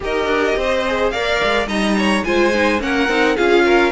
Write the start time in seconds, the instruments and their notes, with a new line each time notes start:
0.00 cello D#4, viola G4, violin A#4 D#5
0.25 cello D4
0.56 cello C4, violin C5
0.87 viola G#4
1.10 cello A#3, viola A#4, violin D5 F5
1.44 cello G#3
1.67 cello G3, viola D#4, violin D#5 A#5
1.97 violin C#5
2.24 cello G#3, viola F4, violin C5 G#5
2.54 viola D#4
2.79 cello A#3, viola C#4, violin A#4 F#5
3.08 cello C4, viola D#4
3.36 cello C#4, viola F4, violin G#4 F5
3.64 violin A#4